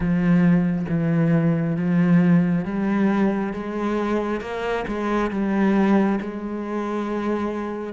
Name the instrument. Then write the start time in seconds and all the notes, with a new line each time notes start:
cello
0.00 F3
0.88 E3
1.76 F3
2.65 G3
3.53 G#3
4.40 A#3
4.87 G#3
5.31 G3
6.20 G#3